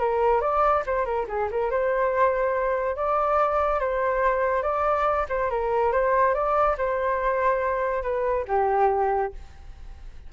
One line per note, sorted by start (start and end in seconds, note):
0.00 0.41 A#4
0.41 0.84 D5
0.86 1.06 C5
1.06 1.27 A#4
1.29 1.50 G#4
1.51 1.71 A#4
1.71 2.96 C5
2.96 3.80 D5
3.80 4.63 C5
4.63 5.26 D5
5.30 5.51 C5
5.51 5.93 A#4
5.93 6.34 C5
6.34 6.77 D5
6.78 8.03 C5
8.03 8.45 B4
8.48 9.33 G4